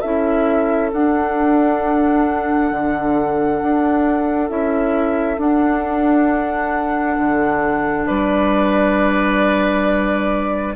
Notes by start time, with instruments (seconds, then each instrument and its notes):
0.00 bassoon C#4, clarinet E4, oboe A4, flute E5
0.92 clarinet D4, bassoon D4, flute F#5
2.71 bassoon D3
3.62 bassoon D4
4.48 bassoon C#4, clarinet E4, flute E5
5.37 clarinet D4, bassoon D4, flute F#5
7.18 bassoon D3
8.06 bassoon G3, oboe B4, flute D5